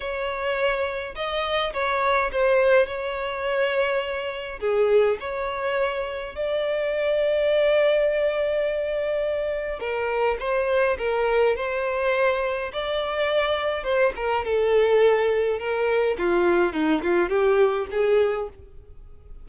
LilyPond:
\new Staff \with { instrumentName = "violin" } { \time 4/4 \tempo 4 = 104 cis''2 dis''4 cis''4 | c''4 cis''2. | gis'4 cis''2 d''4~ | d''1~ |
d''4 ais'4 c''4 ais'4 | c''2 d''2 | c''8 ais'8 a'2 ais'4 | f'4 dis'8 f'8 g'4 gis'4 | }